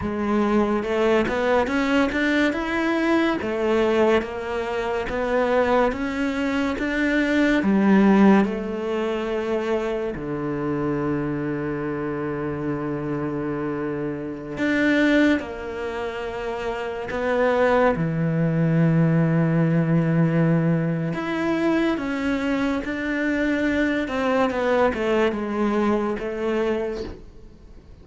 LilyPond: \new Staff \with { instrumentName = "cello" } { \time 4/4 \tempo 4 = 71 gis4 a8 b8 cis'8 d'8 e'4 | a4 ais4 b4 cis'4 | d'4 g4 a2 | d1~ |
d4~ d16 d'4 ais4.~ ais16~ | ais16 b4 e2~ e8.~ | e4 e'4 cis'4 d'4~ | d'8 c'8 b8 a8 gis4 a4 | }